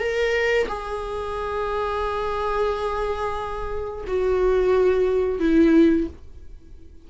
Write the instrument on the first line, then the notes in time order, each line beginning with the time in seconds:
viola
0.00 A#4
0.68 G#4
4.08 F#4
5.40 E4